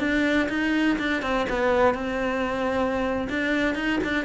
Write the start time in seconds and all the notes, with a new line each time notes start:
0.00 D4
0.49 D#4
0.99 D4
1.23 C4
1.50 B3
1.94 C4
3.30 D4
3.75 D#4
4.04 D4